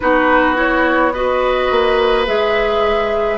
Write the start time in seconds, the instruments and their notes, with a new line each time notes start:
0.00 bassoon B3, clarinet D#4, oboe F#4, flute B4
0.55 clarinet E4, flute C#5
1.13 clarinet F#4, oboe B4, flute D#5
1.70 bassoon A#3
2.26 bassoon G#3, clarinet G#4, flute E5